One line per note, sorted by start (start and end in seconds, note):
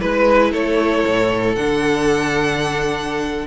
0.00 0.53 G#3
0.00 1.54 E4
0.00 0.51 B4
0.00 0.52 B4
0.51 1.04 A3
0.51 3.46 A4
0.51 1.55 C#5
1.07 1.57 A2
1.55 3.47 D3
1.55 3.47 D4
1.55 3.47 F#5